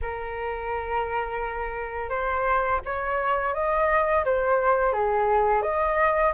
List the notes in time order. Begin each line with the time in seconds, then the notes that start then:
0.01 A#4
2.09 C5
2.85 C#5
3.54 D#5
4.24 C5
4.92 G#4
5.62 D#5